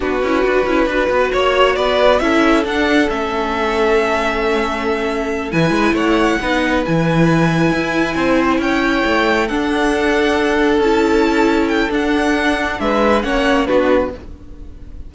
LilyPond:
<<
  \new Staff \with { instrumentName = "violin" } { \time 4/4 \tempo 4 = 136 b'2. cis''4 | d''4 e''4 fis''4 e''4~ | e''1~ | e''8 gis''4 fis''2 gis''8~ |
gis''2.~ gis''8 g''8~ | g''4. fis''2~ fis''8~ | fis''8 a''2 g''8 fis''4~ | fis''4 e''4 fis''4 b'4 | }
  \new Staff \with { instrumentName = "violin" } { \time 4/4 fis'2 b'4 cis''4 | b'4 a'2.~ | a'1~ | a'8 b'4 cis''4 b'4.~ |
b'2~ b'8 c''4 cis''8~ | cis''4. a'2~ a'8~ | a'1~ | a'4 b'4 cis''4 fis'4 | }
  \new Staff \with { instrumentName = "viola" } { \time 4/4 d'8 e'8 fis'8 e'8 fis'2~ | fis'4 e'4 d'4 cis'4~ | cis'1~ | cis'8 e'2 dis'4 e'8~ |
e'1~ | e'4. d'2~ d'8~ | d'8 e'2~ e'8 d'4~ | d'2 cis'4 d'4 | }
  \new Staff \with { instrumentName = "cello" } { \time 4/4 b8 cis'8 d'8 cis'8 d'8 b8 ais4 | b4 cis'4 d'4 a4~ | a1~ | a8 e8 gis8 a4 b4 e8~ |
e4. e'4 c'4 cis'8~ | cis'8 a4 d'2~ d'8~ | d'8 cis'2~ cis'8 d'4~ | d'4 gis4 ais4 b4 | }
>>